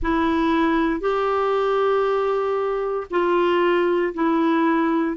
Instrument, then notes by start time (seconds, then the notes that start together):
clarinet
0.02 E4
1.00 G4
3.10 F4
4.14 E4